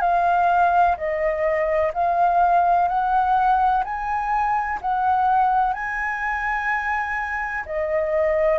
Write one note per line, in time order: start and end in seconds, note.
0.00 0.95 F5
0.97 1.92 D#5
1.94 2.88 F5
2.88 3.83 F#5
3.84 4.79 G#5
4.81 5.73 F#5
5.73 7.64 G#5
7.65 8.58 D#5